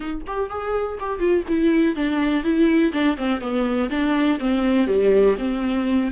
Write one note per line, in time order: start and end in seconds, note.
0.00 0.21 D#4
0.26 0.49 G4
0.49 0.98 G#4
0.99 1.19 G4
1.19 1.43 F4
1.48 1.95 E4
1.95 2.43 D4
2.43 2.92 E4
2.92 3.16 D4
3.17 3.41 C4
3.41 3.89 B3
3.90 4.38 D4
4.39 4.87 C4
4.87 5.36 G3
5.38 6.11 C4